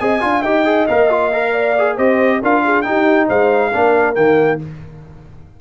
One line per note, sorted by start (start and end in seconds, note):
0.00 0.22 C4
0.00 0.20 G#4
0.00 0.22 D#5
0.00 0.43 G#5
0.20 0.44 D4
0.20 0.42 F4
0.20 0.41 F5
0.41 0.88 D#4
0.41 0.65 G4
0.41 1.51 D#5
0.41 0.87 G5
0.65 0.87 G#4
0.87 1.98 A#3
0.87 1.10 A#4
0.87 1.97 F5
1.10 1.32 F4
1.32 1.76 A#4
1.52 1.96 D5
1.78 1.98 G#4
1.96 2.42 C4
1.96 2.42 G4
1.96 2.40 C5
1.96 2.41 D#5
2.41 2.85 D4
2.41 2.84 F4
2.41 2.63 A#4
2.41 2.82 F5
2.65 2.86 G#4
2.82 3.72 D#4
2.82 3.29 D#4
2.82 3.28 G4
2.82 3.26 G5
3.28 3.73 G#3
3.28 3.72 C5
3.28 4.15 F5
3.73 4.17 A#3
3.73 4.15 D4
3.73 4.61 A#4
4.15 4.60 D#3
4.15 4.59 A#3
4.15 4.59 G5